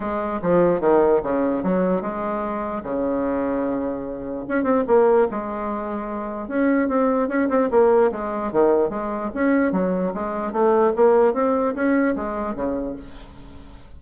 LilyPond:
\new Staff \with { instrumentName = "bassoon" } { \time 4/4 \tempo 4 = 148 gis4 f4 dis4 cis4 | fis4 gis2 cis4~ | cis2. cis'8 c'8 | ais4 gis2. |
cis'4 c'4 cis'8 c'8 ais4 | gis4 dis4 gis4 cis'4 | fis4 gis4 a4 ais4 | c'4 cis'4 gis4 cis4 | }